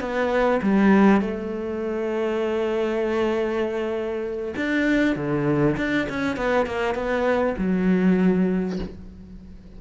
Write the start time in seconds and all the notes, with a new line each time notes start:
0.00 B3
0.62 G3
1.21 A3
4.56 D4
5.16 D3
5.77 D4
6.09 C#4
6.37 B3
6.66 A#3
6.95 B3
7.58 F#3